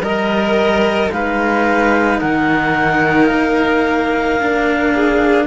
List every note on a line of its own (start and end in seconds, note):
0.00 1.09 G3
0.00 1.11 A#4
0.00 1.12 A#4
0.00 1.11 D#5
1.11 2.20 G#3
1.11 4.39 D#4
1.11 2.19 B4
1.11 2.19 F5
2.19 3.30 D#3
2.19 4.92 A#4
2.19 3.26 F#5
3.26 5.46 A#3
3.26 5.44 F5
4.40 5.46 D4
4.94 5.46 G#4